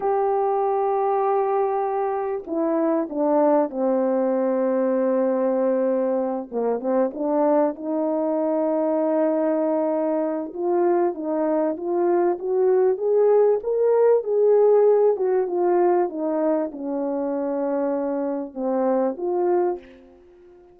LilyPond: \new Staff \with { instrumentName = "horn" } { \time 4/4 \tempo 4 = 97 g'1 | e'4 d'4 c'2~ | c'2~ c'8 ais8 c'8 d'8~ | d'8 dis'2.~ dis'8~ |
dis'4 f'4 dis'4 f'4 | fis'4 gis'4 ais'4 gis'4~ | gis'8 fis'8 f'4 dis'4 cis'4~ | cis'2 c'4 f'4 | }